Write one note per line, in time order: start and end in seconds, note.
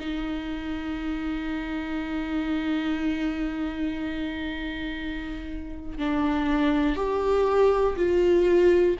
0.00 5.98 D#4
5.98 6.96 D4
6.96 7.96 G4
7.97 8.97 F4